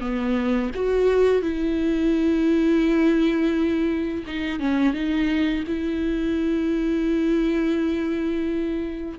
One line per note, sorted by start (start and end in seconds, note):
0.00 0.71 B3
0.74 1.42 F#4
1.42 4.24 E4
4.26 4.59 D#4
4.59 4.93 C#4
4.93 5.64 D#4
5.67 9.19 E4